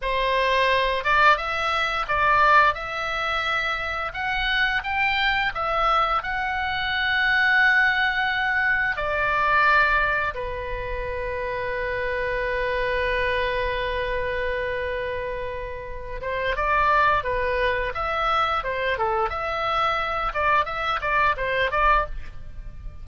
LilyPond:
\new Staff \with { instrumentName = "oboe" } { \time 4/4 \tempo 4 = 87 c''4. d''8 e''4 d''4 | e''2 fis''4 g''4 | e''4 fis''2.~ | fis''4 d''2 b'4~ |
b'1~ | b'2.~ b'8 c''8 | d''4 b'4 e''4 c''8 a'8 | e''4. d''8 e''8 d''8 c''8 d''8 | }